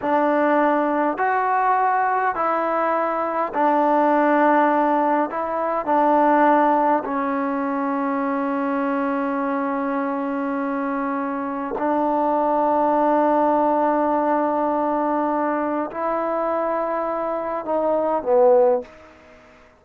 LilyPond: \new Staff \with { instrumentName = "trombone" } { \time 4/4 \tempo 4 = 102 d'2 fis'2 | e'2 d'2~ | d'4 e'4 d'2 | cis'1~ |
cis'1 | d'1~ | d'2. e'4~ | e'2 dis'4 b4 | }